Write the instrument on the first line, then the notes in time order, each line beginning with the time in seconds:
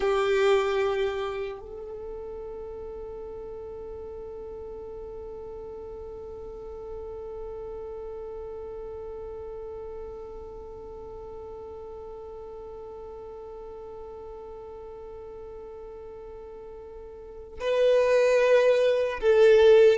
violin
0.00 G4
1.59 A4
17.60 B4
19.20 A4